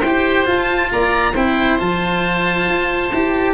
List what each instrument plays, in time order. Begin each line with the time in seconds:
0.00 tuba E4, oboe C5 G5
0.07 cello G4
0.46 cello F4, tuba F4, oboe A5
0.92 tuba A#3, oboe D5 A#5
1.33 tuba C4, cello E4, oboe C5 G5
1.79 tuba F3, cello F4, oboe A5
2.68 tuba F4
3.13 tuba E4, cello G4